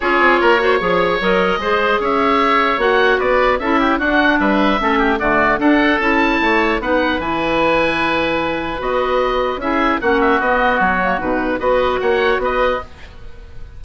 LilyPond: <<
  \new Staff \with { instrumentName = "oboe" } { \time 4/4 \tempo 4 = 150 cis''2. dis''4~ | dis''4 e''2 fis''4 | d''4 e''4 fis''4 e''4~ | e''4 d''4 fis''4 a''4~ |
a''4 fis''4 gis''2~ | gis''2 dis''2 | e''4 fis''8 e''8 dis''4 cis''4 | b'4 dis''4 fis''4 dis''4 | }
  \new Staff \with { instrumentName = "oboe" } { \time 4/4 gis'4 ais'8 c''8 cis''2 | c''4 cis''2. | b'4 a'8 g'8 fis'4 b'4 | a'8 g'8 fis'4 a'2 |
cis''4 b'2.~ | b'1 | gis'4 fis'2.~ | fis'4 b'4 cis''4 b'4 | }
  \new Staff \with { instrumentName = "clarinet" } { \time 4/4 f'4. fis'8 gis'4 ais'4 | gis'2. fis'4~ | fis'4 e'4 d'2 | cis'4 a4 d'4 e'4~ |
e'4 dis'4 e'2~ | e'2 fis'2 | e'4 cis'4 b4. ais8 | dis'4 fis'2. | }
  \new Staff \with { instrumentName = "bassoon" } { \time 4/4 cis'8 c'8 ais4 f4 fis4 | gis4 cis'2 ais4 | b4 cis'4 d'4 g4 | a4 d4 d'4 cis'4 |
a4 b4 e2~ | e2 b2 | cis'4 ais4 b4 fis4 | b,4 b4 ais4 b4 | }
>>